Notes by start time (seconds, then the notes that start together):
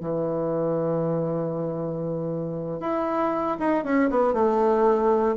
0.00 E3
2.80 E4
3.59 D#4
3.84 C#4
4.10 B3
4.33 A3